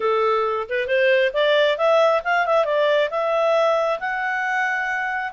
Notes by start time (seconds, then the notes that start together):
0.00 A4
0.69 B4
0.87 C5
1.33 D5
1.77 E5
2.23 F5
2.45 E5
2.64 D5
3.10 E5
3.99 F#5